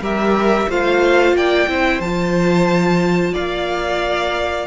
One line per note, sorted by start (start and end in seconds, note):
0.00 0.67 G3
0.00 0.69 G4
0.00 0.69 A#4
0.00 0.71 E5
0.69 1.33 A3
0.69 1.68 F4
0.69 1.36 C5
0.69 1.37 F5
1.33 1.66 A#3
1.33 1.70 D5
1.33 2.01 G5
1.68 2.00 C4
1.68 2.02 E4
1.68 3.33 C5
2.00 3.33 F3
2.00 4.67 F4
2.00 3.34 A5
3.33 4.67 A#3
3.33 4.67 D5
3.33 4.67 F5